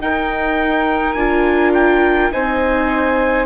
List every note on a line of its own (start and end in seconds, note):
0.00 1.15 D#4
0.00 2.33 A#4
0.00 1.13 G5
1.13 2.30 D4
1.13 2.32 F4
1.13 1.71 G#5
1.74 2.32 G5
2.32 3.46 C4
2.32 3.46 D#4
2.32 3.46 C5
2.32 3.46 G#5